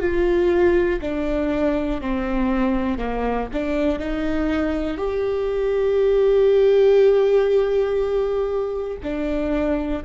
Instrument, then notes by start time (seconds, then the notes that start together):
viola
0.00 F4
1.01 D4
2.01 C4
2.98 A#3
3.53 D4
3.99 D#4
4.97 G4
9.03 D4